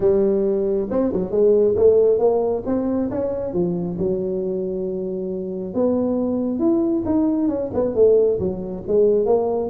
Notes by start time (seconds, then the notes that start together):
0.00 G3
0.90 C4
1.12 F#3
1.31 G#3
1.75 A3
2.18 A#3
2.66 C4
3.10 C#4
3.53 F3
3.98 F#3
5.74 B3
6.59 E4
7.05 D#4
7.48 C#4
7.73 B3
7.94 A3
8.39 F#3
8.87 G#3
9.25 A#3